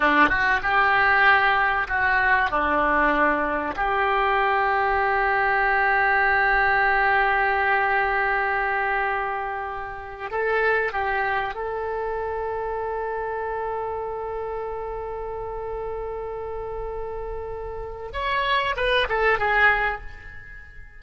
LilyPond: \new Staff \with { instrumentName = "oboe" } { \time 4/4 \tempo 4 = 96 d'8 fis'8 g'2 fis'4 | d'2 g'2~ | g'1~ | g'1~ |
g'8 a'4 g'4 a'4.~ | a'1~ | a'1~ | a'4 cis''4 b'8 a'8 gis'4 | }